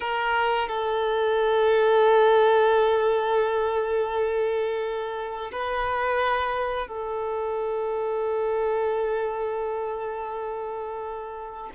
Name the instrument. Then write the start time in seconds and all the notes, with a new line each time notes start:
violin
0.00 A#4
0.68 A4
5.51 B4
6.87 A4